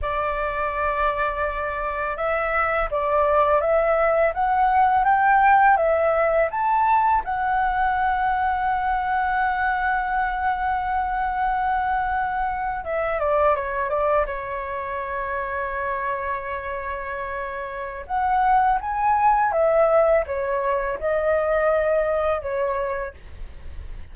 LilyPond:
\new Staff \with { instrumentName = "flute" } { \time 4/4 \tempo 4 = 83 d''2. e''4 | d''4 e''4 fis''4 g''4 | e''4 a''4 fis''2~ | fis''1~ |
fis''4.~ fis''16 e''8 d''8 cis''8 d''8 cis''16~ | cis''1~ | cis''4 fis''4 gis''4 e''4 | cis''4 dis''2 cis''4 | }